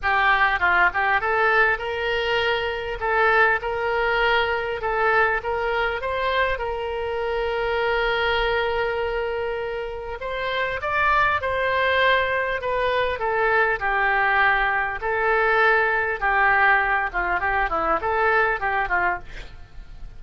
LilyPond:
\new Staff \with { instrumentName = "oboe" } { \time 4/4 \tempo 4 = 100 g'4 f'8 g'8 a'4 ais'4~ | ais'4 a'4 ais'2 | a'4 ais'4 c''4 ais'4~ | ais'1~ |
ais'4 c''4 d''4 c''4~ | c''4 b'4 a'4 g'4~ | g'4 a'2 g'4~ | g'8 f'8 g'8 e'8 a'4 g'8 f'8 | }